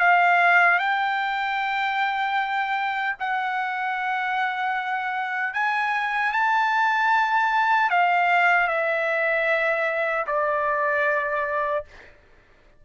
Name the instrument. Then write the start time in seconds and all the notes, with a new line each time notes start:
trumpet
0.00 F5
0.79 G5
3.20 F#5
5.54 G#5
6.33 A5
7.90 F5
8.68 E5
10.27 D5